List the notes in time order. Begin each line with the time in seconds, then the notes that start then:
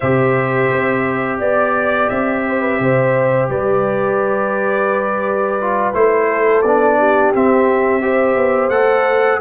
0.00 C3 G4 C5 E5
0.71 C4
1.38 B3 D5
2.09 C4 E5
2.47 C5
2.60 B4
2.80 C3 C5
3.49 G3 B4 D5
5.60 F4
5.93 A3 E4 C5
6.30 A4
6.62 B3 D4 D5
6.98 G4
7.34 C4 E5
8.01 G4 C5
8.36 B3
8.69 A3 A4 F#5